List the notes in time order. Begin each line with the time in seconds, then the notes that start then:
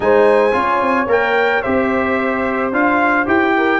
0.00 G#3 D#4 C5 G#5
0.52 C#4 F4 C#5
0.81 C4
1.06 A#3 A#4 G5
1.62 C4 G4 C5 E5
2.72 D4 F4 F5
3.26 E4 G4 G5
3.57 A#4